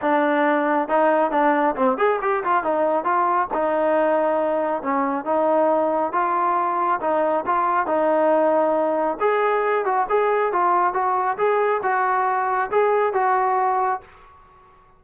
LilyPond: \new Staff \with { instrumentName = "trombone" } { \time 4/4 \tempo 4 = 137 d'2 dis'4 d'4 | c'8 gis'8 g'8 f'8 dis'4 f'4 | dis'2. cis'4 | dis'2 f'2 |
dis'4 f'4 dis'2~ | dis'4 gis'4. fis'8 gis'4 | f'4 fis'4 gis'4 fis'4~ | fis'4 gis'4 fis'2 | }